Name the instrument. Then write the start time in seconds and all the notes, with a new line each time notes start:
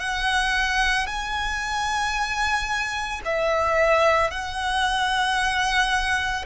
violin
0.00 F#5
1.07 G#5
3.25 E5
4.31 F#5